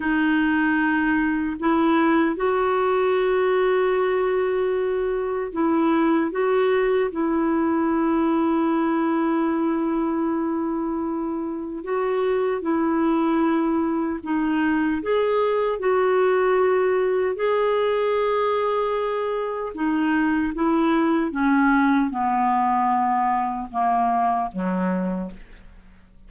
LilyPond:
\new Staff \with { instrumentName = "clarinet" } { \time 4/4 \tempo 4 = 76 dis'2 e'4 fis'4~ | fis'2. e'4 | fis'4 e'2.~ | e'2. fis'4 |
e'2 dis'4 gis'4 | fis'2 gis'2~ | gis'4 dis'4 e'4 cis'4 | b2 ais4 fis4 | }